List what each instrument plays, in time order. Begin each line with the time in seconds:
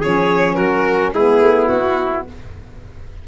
0.00 tuba F3, saxophone C#4, trumpet G#4, violin C#5
0.55 tuba F#3, trumpet F#4, violin A#4
1.13 tuba G#3, saxophone B3, trumpet E4, violin G#4
1.41 tuba A3
1.68 tuba B3, violin F#4